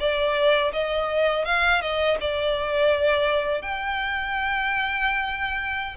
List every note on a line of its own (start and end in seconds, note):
0.00 0.72 D5
0.73 1.45 D#5
1.45 1.81 F5
1.82 2.18 D#5
2.21 3.62 D5
3.62 5.97 G5